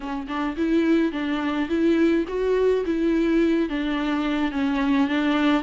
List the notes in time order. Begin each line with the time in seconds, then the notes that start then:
0.00 C#4
0.27 D4
0.57 E4
1.12 D4
1.68 E4
2.27 F#4
2.85 E4
3.69 D4
4.51 C#4
5.08 D4